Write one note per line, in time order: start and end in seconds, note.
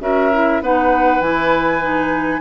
0.00 0.61 C#4
0.00 0.31 F#4
0.00 0.62 A#4
0.00 0.62 E5
0.32 0.62 E4
0.61 1.20 B3
0.61 1.22 D#4
0.61 2.41 B4
0.61 1.21 F#5
1.20 2.41 E3
1.20 1.81 E4
1.20 2.41 G#5
1.81 2.41 D#4